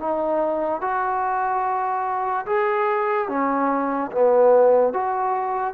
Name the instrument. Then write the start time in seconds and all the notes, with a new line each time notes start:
trombone
0.00 D#4
0.81 F#4
2.47 G#4
3.29 C#4
4.12 B3
4.94 F#4